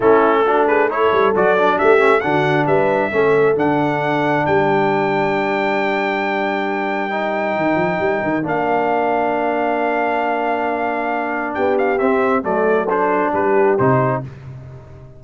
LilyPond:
<<
  \new Staff \with { instrumentName = "trumpet" } { \time 4/4 \tempo 4 = 135 a'4. b'8 cis''4 d''4 | e''4 fis''4 e''2 | fis''2 g''2~ | g''1~ |
g''2. f''4~ | f''1~ | f''2 g''8 f''8 e''4 | d''4 c''4 b'4 c''4 | }
  \new Staff \with { instrumentName = "horn" } { \time 4/4 e'4 fis'8 gis'8 a'2 | g'4 fis'4 b'4 a'4~ | a'2 ais'2~ | ais'1~ |
ais'1~ | ais'1~ | ais'2 g'2 | a'2 g'2 | }
  \new Staff \with { instrumentName = "trombone" } { \time 4/4 cis'4 d'4 e'4 fis'8 d'8~ | d'8 cis'8 d'2 cis'4 | d'1~ | d'1 |
dis'2. d'4~ | d'1~ | d'2. c'4 | a4 d'2 dis'4 | }
  \new Staff \with { instrumentName = "tuba" } { \time 4/4 a2~ a8 g8 fis4 | a4 d4 g4 a4 | d2 g2~ | g1~ |
g4 dis8 f8 g8 dis8 ais4~ | ais1~ | ais2 b4 c'4 | fis2 g4 c4 | }
>>